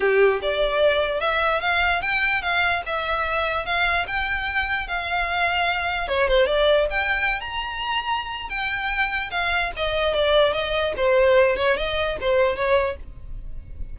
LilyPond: \new Staff \with { instrumentName = "violin" } { \time 4/4 \tempo 4 = 148 g'4 d''2 e''4 | f''4 g''4 f''4 e''4~ | e''4 f''4 g''2 | f''2. cis''8 c''8 |
d''4 g''4~ g''16 ais''4.~ ais''16~ | ais''4 g''2 f''4 | dis''4 d''4 dis''4 c''4~ | c''8 cis''8 dis''4 c''4 cis''4 | }